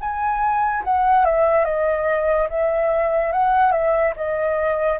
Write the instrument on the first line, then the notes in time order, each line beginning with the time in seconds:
flute
0.00 G#5
0.84 F#5
1.25 E5
1.64 D#5
2.49 E5
3.32 F#5
3.72 E5
4.16 D#5